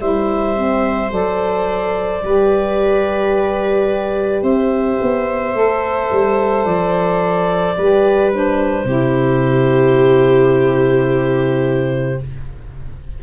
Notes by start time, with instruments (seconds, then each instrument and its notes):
0.00 tuba G3, saxophone E4, viola C5, clarinet E5
0.56 saxophone C4
1.10 tuba F#3, saxophone A4, clarinet D5
2.21 tuba G3, saxophone G4, viola B4
4.43 tuba C4, viola C5, clarinet E5
5.02 tuba B3
5.53 tuba A3, saxophone A4
6.12 tuba G3
6.65 tuba F3, clarinet D5
7.78 tuba G3, saxophone G4, viola B4
8.33 saxophone D4, clarinet C5
8.84 tuba C3, saxophone E4, viola G4